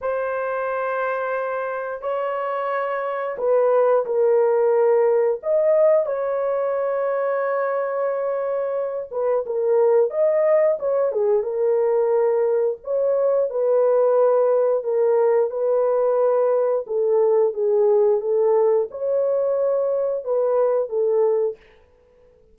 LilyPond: \new Staff \with { instrumentName = "horn" } { \time 4/4 \tempo 4 = 89 c''2. cis''4~ | cis''4 b'4 ais'2 | dis''4 cis''2.~ | cis''4. b'8 ais'4 dis''4 |
cis''8 gis'8 ais'2 cis''4 | b'2 ais'4 b'4~ | b'4 a'4 gis'4 a'4 | cis''2 b'4 a'4 | }